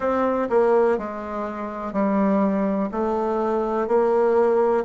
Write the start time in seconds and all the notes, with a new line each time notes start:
0.00 C4
0.49 A#3
0.98 G#3
1.93 G3
2.91 A3
3.87 A#3